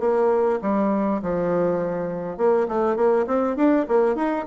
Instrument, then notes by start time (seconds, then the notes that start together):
bassoon
0.00 A#3
0.62 G3
1.22 F3
2.37 A#3
2.68 A3
2.96 A#3
3.27 C4
3.56 D4
3.88 A#3
4.16 D#4